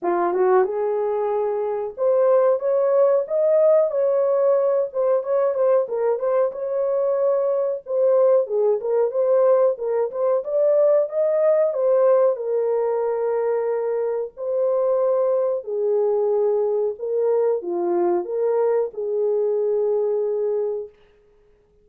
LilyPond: \new Staff \with { instrumentName = "horn" } { \time 4/4 \tempo 4 = 92 f'8 fis'8 gis'2 c''4 | cis''4 dis''4 cis''4. c''8 | cis''8 c''8 ais'8 c''8 cis''2 | c''4 gis'8 ais'8 c''4 ais'8 c''8 |
d''4 dis''4 c''4 ais'4~ | ais'2 c''2 | gis'2 ais'4 f'4 | ais'4 gis'2. | }